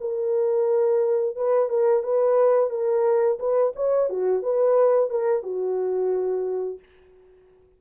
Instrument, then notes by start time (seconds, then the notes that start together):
horn
0.00 A#4
1.36 B4
1.69 A#4
2.03 B4
2.70 A#4
3.39 B4
3.75 C#5
4.09 F#4
4.42 B4
5.10 A#4
5.42 F#4